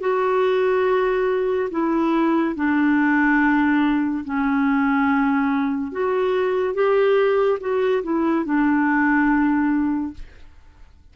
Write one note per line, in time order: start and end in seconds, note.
0.00 1.69 F#4
1.70 2.55 E4
2.55 4.24 D4
4.24 5.92 C#4
5.92 6.74 F#4
6.74 7.58 G4
7.60 8.02 F#4
8.02 8.44 E4
8.44 10.13 D4